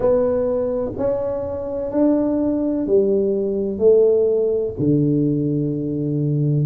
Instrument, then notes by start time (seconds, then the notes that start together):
tuba
0.00 B3
0.97 C#4
1.91 D4
2.86 G3
3.78 A3
4.79 D3